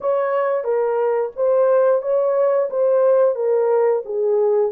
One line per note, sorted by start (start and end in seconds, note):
0.00 0.63 C#5
0.63 1.31 A#4
1.35 2.01 C5
2.01 2.69 C#5
2.70 3.35 C5
3.35 4.02 A#4
4.05 4.71 G#4